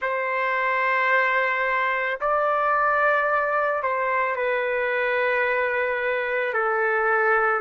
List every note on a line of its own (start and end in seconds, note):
0.01 2.19 C5
2.21 3.82 D5
3.82 4.36 C5
4.36 6.53 B4
6.53 7.60 A4